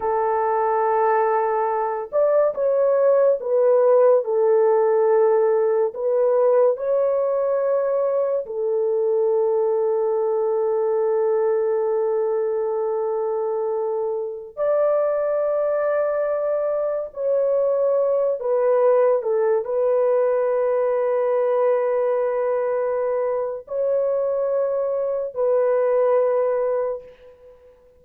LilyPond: \new Staff \with { instrumentName = "horn" } { \time 4/4 \tempo 4 = 71 a'2~ a'8 d''8 cis''4 | b'4 a'2 b'4 | cis''2 a'2~ | a'1~ |
a'4~ a'16 d''2~ d''8.~ | d''16 cis''4. b'4 a'8 b'8.~ | b'1 | cis''2 b'2 | }